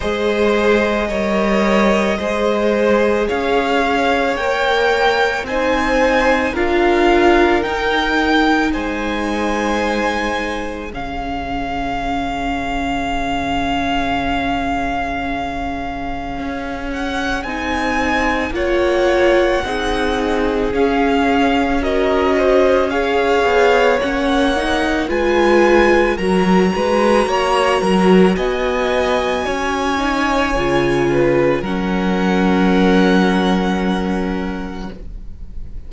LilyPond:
<<
  \new Staff \with { instrumentName = "violin" } { \time 4/4 \tempo 4 = 55 dis''2. f''4 | g''4 gis''4 f''4 g''4 | gis''2 f''2~ | f''2.~ f''8 fis''8 |
gis''4 fis''2 f''4 | dis''4 f''4 fis''4 gis''4 | ais''2 gis''2~ | gis''4 fis''2. | }
  \new Staff \with { instrumentName = "violin" } { \time 4/4 c''4 cis''4 c''4 cis''4~ | cis''4 c''4 ais'2 | c''2 gis'2~ | gis'1~ |
gis'4 cis''4 gis'2 | ais'8 c''8 cis''2 b'4 | ais'8 b'8 cis''8 ais'8 dis''4 cis''4~ | cis''8 b'8 ais'2. | }
  \new Staff \with { instrumentName = "viola" } { \time 4/4 gis'4 ais'4 gis'2 | ais'4 dis'4 f'4 dis'4~ | dis'2 cis'2~ | cis'1 |
dis'4 f'4 dis'4 cis'4 | fis'4 gis'4 cis'8 dis'8 f'4 | fis'2.~ fis'8 dis'8 | f'4 cis'2. | }
  \new Staff \with { instrumentName = "cello" } { \time 4/4 gis4 g4 gis4 cis'4 | ais4 c'4 d'4 dis'4 | gis2 cis2~ | cis2. cis'4 |
c'4 ais4 c'4 cis'4~ | cis'4. b8 ais4 gis4 | fis8 gis8 ais8 fis8 b4 cis'4 | cis4 fis2. | }
>>